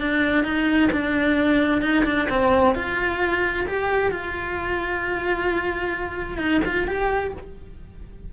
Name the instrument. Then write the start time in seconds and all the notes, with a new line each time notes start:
cello
0.00 D4
0.44 D#4
0.92 D4
1.82 D#4
2.05 D4
2.29 C4
2.75 F4
3.67 G4
4.11 F4
6.38 D#4
6.65 F4
6.87 G4